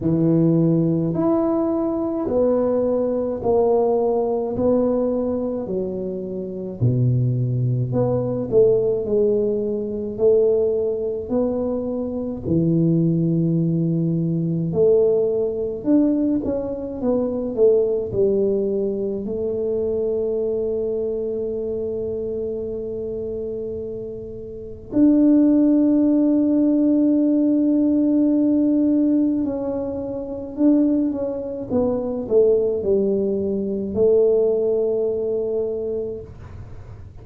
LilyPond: \new Staff \with { instrumentName = "tuba" } { \time 4/4 \tempo 4 = 53 e4 e'4 b4 ais4 | b4 fis4 b,4 b8 a8 | gis4 a4 b4 e4~ | e4 a4 d'8 cis'8 b8 a8 |
g4 a2.~ | a2 d'2~ | d'2 cis'4 d'8 cis'8 | b8 a8 g4 a2 | }